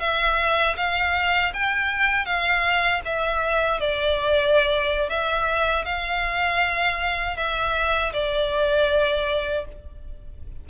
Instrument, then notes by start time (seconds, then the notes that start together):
violin
0.00 E5
0.77 F5
1.53 G5
2.25 F5
3.05 E5
3.80 D5
5.10 E5
5.86 F5
7.37 E5
8.13 D5